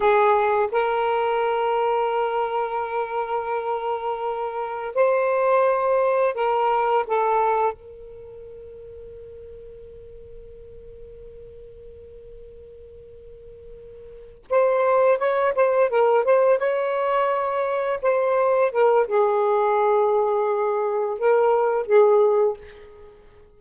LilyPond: \new Staff \with { instrumentName = "saxophone" } { \time 4/4 \tempo 4 = 85 gis'4 ais'2.~ | ais'2. c''4~ | c''4 ais'4 a'4 ais'4~ | ais'1~ |
ais'1~ | ais'8 c''4 cis''8 c''8 ais'8 c''8 cis''8~ | cis''4. c''4 ais'8 gis'4~ | gis'2 ais'4 gis'4 | }